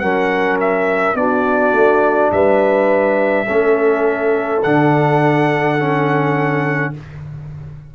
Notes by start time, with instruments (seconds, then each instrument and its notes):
0.00 tuba F#3, trombone C#4, horn A#4, trumpet F#5
0.61 trumpet E5
1.15 tuba B3, trombone D4, horn F#4, trumpet D5
1.73 tuba A3
2.32 tuba G3, horn B4, trumpet E5
3.47 tuba A3, trombone C#4, horn A4
4.63 tuba D3, trombone D4, trumpet F#5
5.79 trombone C#4